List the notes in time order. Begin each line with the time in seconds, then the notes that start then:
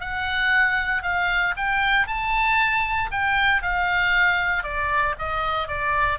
0.00 F#5
1.03 F5
1.56 G5
2.07 A5
3.11 G5
3.62 F5
4.63 D5
5.18 D#5
5.68 D5